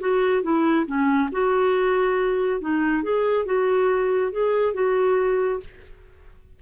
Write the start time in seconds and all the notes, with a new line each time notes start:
0.00 F#4
0.43 E4
0.86 C#4
1.32 F#4
2.61 D#4
3.03 G#4
3.46 F#4
4.32 G#4
4.74 F#4